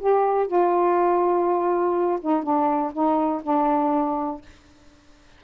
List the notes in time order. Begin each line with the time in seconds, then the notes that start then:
0.00 G4
0.47 F4
2.21 D#4
2.43 D4
2.93 D#4
3.43 D4